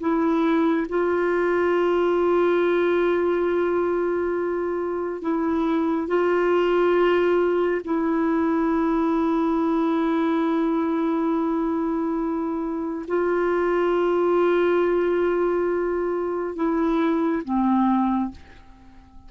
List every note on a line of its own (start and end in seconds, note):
0.00 0.87 E4
0.89 5.21 F4
5.21 6.08 E4
6.08 7.81 F4
7.84 13.06 E4
13.08 16.55 F4
16.55 17.42 E4
17.44 18.31 C4